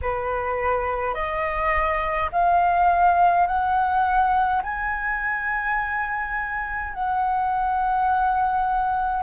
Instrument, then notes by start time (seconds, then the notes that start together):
flute
0.01 B4
1.14 D#5
2.31 F5
3.46 F#5
4.62 G#5
6.93 F#5